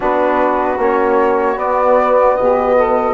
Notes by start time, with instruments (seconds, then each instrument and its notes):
0.00 bassoon B3, trombone D4, saxophone F#4, flute B4
0.77 bassoon A#3, trombone C#4, flute C#5
1.55 trombone B3, bassoon B3, flute D5
2.35 bassoon B2, saxophone G4, flute D#5
2.76 saxophone A4